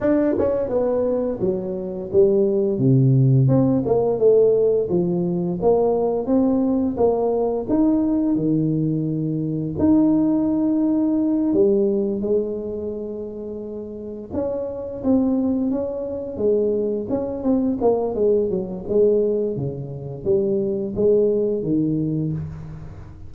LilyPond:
\new Staff \with { instrumentName = "tuba" } { \time 4/4 \tempo 4 = 86 d'8 cis'8 b4 fis4 g4 | c4 c'8 ais8 a4 f4 | ais4 c'4 ais4 dis'4 | dis2 dis'2~ |
dis'8 g4 gis2~ gis8~ | gis8 cis'4 c'4 cis'4 gis8~ | gis8 cis'8 c'8 ais8 gis8 fis8 gis4 | cis4 g4 gis4 dis4 | }